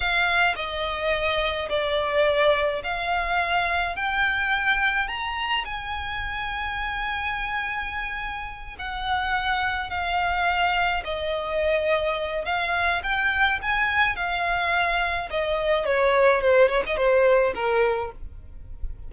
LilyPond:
\new Staff \with { instrumentName = "violin" } { \time 4/4 \tempo 4 = 106 f''4 dis''2 d''4~ | d''4 f''2 g''4~ | g''4 ais''4 gis''2~ | gis''2.~ gis''8 fis''8~ |
fis''4. f''2 dis''8~ | dis''2 f''4 g''4 | gis''4 f''2 dis''4 | cis''4 c''8 cis''16 dis''16 c''4 ais'4 | }